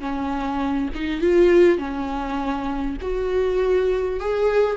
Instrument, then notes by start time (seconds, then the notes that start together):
viola
0.00 C#4
0.95 D#4
1.21 F4
1.78 C#4
3.01 F#4
4.20 G#4